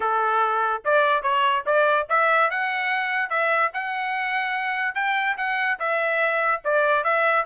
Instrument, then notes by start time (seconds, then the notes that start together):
trumpet
0.00 A4
0.84 D5
1.22 C#5
1.66 D5
2.09 E5
2.50 F#5
3.29 E5
3.73 F#5
4.94 G5
5.37 F#5
5.79 E5
6.64 D5
7.04 E5